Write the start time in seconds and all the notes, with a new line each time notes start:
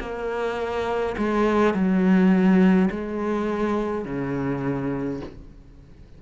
0.00 A#3
1.17 G#3
1.74 F#3
2.91 G#3
4.05 C#3